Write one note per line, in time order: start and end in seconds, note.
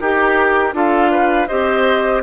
0.00 0.73 D#4
0.00 0.75 G4
0.00 0.73 G4
0.00 0.74 A#4
0.73 1.48 D4
0.73 1.48 F4
0.73 1.11 A4
0.73 1.48 F5
1.11 1.48 B4
1.48 2.23 C4
1.48 2.23 G4
1.48 2.23 C5
1.48 2.22 D#5